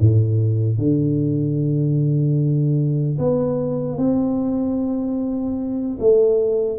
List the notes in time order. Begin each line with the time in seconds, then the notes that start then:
0.00 A2
0.78 D3
3.19 B3
3.98 C4
6.00 A3